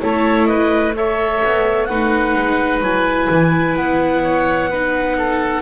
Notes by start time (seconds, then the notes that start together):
0.00 A3 E4 A4 C#5
0.45 B4 D#5
0.96 A4 C#5 E5
1.44 B3
1.84 A3 D#4 B4 F#5
2.34 G#3
2.80 F#3 E4 G#5
3.29 E3
3.76 B3 F#5
4.22 C#5
4.69 D#4 B4
5.17 A4